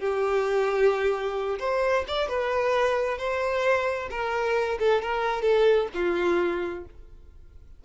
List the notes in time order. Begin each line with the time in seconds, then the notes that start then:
0.00 G4
1.60 C5
2.08 D5
2.29 B4
3.19 C5
4.11 A#4
4.80 A4
5.03 A#4
5.43 A4
5.95 F4